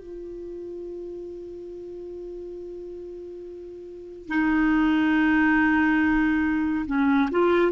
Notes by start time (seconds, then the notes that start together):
0.00 F4
4.29 D#4
6.87 C#4
7.31 F4